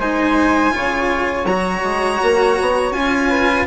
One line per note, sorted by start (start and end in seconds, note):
0.00 0.73 G#3
0.00 0.71 D#4
0.00 0.74 C5
0.00 1.47 G#5
0.71 1.45 C#3
0.71 1.45 F4
0.71 3.30 C#5
1.45 1.82 F#3
1.45 2.94 F#4
1.45 2.93 A#5
1.83 2.20 G#3
2.23 2.60 A#3
2.61 2.92 B3
2.92 3.65 C#4
2.92 3.67 F4
2.92 3.66 G#5
3.30 3.66 B4